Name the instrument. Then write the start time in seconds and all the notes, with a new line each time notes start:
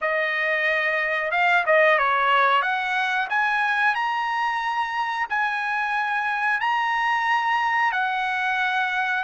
trumpet
0.01 D#5
1.31 F5
1.65 D#5
1.98 C#5
2.62 F#5
3.29 G#5
3.94 A#5
5.29 G#5
6.60 A#5
7.92 F#5